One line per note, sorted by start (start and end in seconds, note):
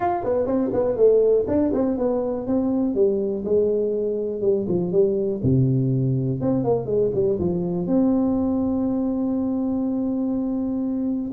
0.00 0.24 F4
0.24 0.46 B3
0.46 0.71 C4
0.73 0.96 B3
0.96 1.45 A3
1.47 1.72 D4
1.73 1.97 C4
1.97 2.46 B3
2.46 2.94 C4
2.94 3.44 G3
3.44 4.41 G#3
4.41 4.65 G3
4.68 4.92 F3
4.92 5.41 G3
5.43 6.40 C3
6.40 6.64 C4
6.64 6.86 A#3
6.86 7.10 G#3
7.14 7.39 G3
7.39 7.86 F3
7.86 11.31 C4